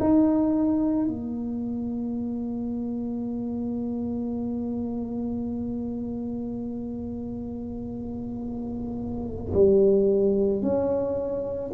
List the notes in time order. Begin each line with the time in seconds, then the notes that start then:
0.00 D#4
1.08 A#3
9.54 G3
10.62 C#4